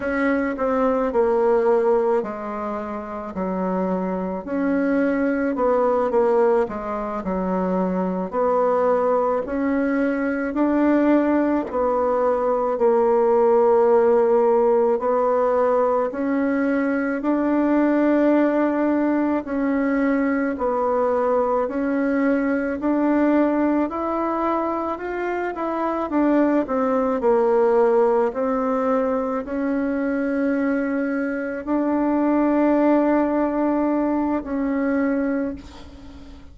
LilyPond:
\new Staff \with { instrumentName = "bassoon" } { \time 4/4 \tempo 4 = 54 cis'8 c'8 ais4 gis4 fis4 | cis'4 b8 ais8 gis8 fis4 b8~ | b8 cis'4 d'4 b4 ais8~ | ais4. b4 cis'4 d'8~ |
d'4. cis'4 b4 cis'8~ | cis'8 d'4 e'4 f'8 e'8 d'8 | c'8 ais4 c'4 cis'4.~ | cis'8 d'2~ d'8 cis'4 | }